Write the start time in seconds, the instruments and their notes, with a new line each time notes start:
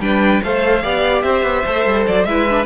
0.00 cello G3, viola D4, violin B4 G5
0.44 cello A3, viola A4, violin C5 F5
0.83 cello B3, viola G4, violin D5
1.23 cello C4, violin C5 E5
1.43 cello B3
1.66 cello A3, viola A4
1.86 cello G3
2.08 cello F#3, violin D5
2.25 cello G#3, viola E4, violin B4 E5
2.50 viola D4